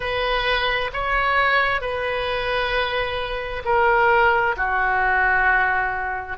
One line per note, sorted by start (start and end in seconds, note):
0.00 0.90 B4
0.93 1.81 C#5
1.81 3.62 B4
3.64 4.55 A#4
4.57 6.37 F#4